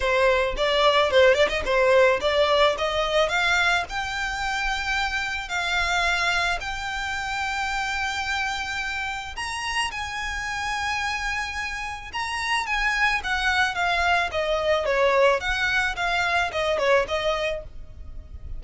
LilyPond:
\new Staff \with { instrumentName = "violin" } { \time 4/4 \tempo 4 = 109 c''4 d''4 c''8 d''16 dis''16 c''4 | d''4 dis''4 f''4 g''4~ | g''2 f''2 | g''1~ |
g''4 ais''4 gis''2~ | gis''2 ais''4 gis''4 | fis''4 f''4 dis''4 cis''4 | fis''4 f''4 dis''8 cis''8 dis''4 | }